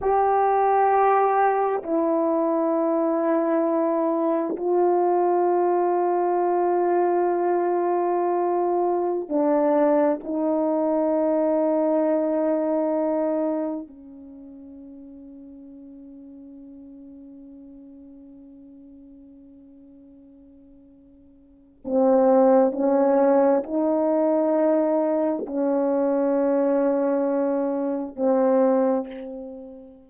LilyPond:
\new Staff \with { instrumentName = "horn" } { \time 4/4 \tempo 4 = 66 g'2 e'2~ | e'4 f'2.~ | f'2~ f'16 d'4 dis'8.~ | dis'2.~ dis'16 cis'8.~ |
cis'1~ | cis'1 | c'4 cis'4 dis'2 | cis'2. c'4 | }